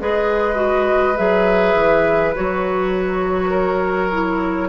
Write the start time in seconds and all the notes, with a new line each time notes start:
0.00 G#3 G#4 B4 D#5
0.55 F#4
1.17 F#3 G#4 E5
1.75 E3
2.36 F#3 F#4 C#5
3.50 A#4
4.12 E4